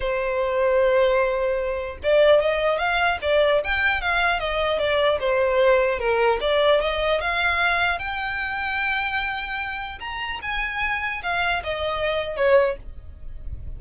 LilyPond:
\new Staff \with { instrumentName = "violin" } { \time 4/4 \tempo 4 = 150 c''1~ | c''4 d''4 dis''4 f''4 | d''4 g''4 f''4 dis''4 | d''4 c''2 ais'4 |
d''4 dis''4 f''2 | g''1~ | g''4 ais''4 gis''2 | f''4 dis''2 cis''4 | }